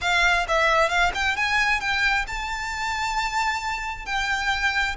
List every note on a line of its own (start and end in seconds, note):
0.01 0.46 F5
0.48 0.89 E5
0.89 1.11 F5
1.14 1.36 G5
1.36 1.80 G#5
1.80 2.25 G5
2.27 4.05 A5
4.05 4.95 G5